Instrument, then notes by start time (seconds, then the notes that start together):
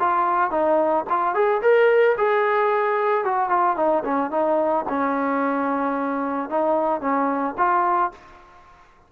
trombone
0.00 F4
0.51 D#4
1.10 F4
1.35 G#4
1.62 A#4
2.18 G#4
3.25 F#4
3.50 F4
3.77 D#4
4.05 C#4
4.31 D#4
4.89 C#4
6.50 D#4
7.01 C#4
7.58 F4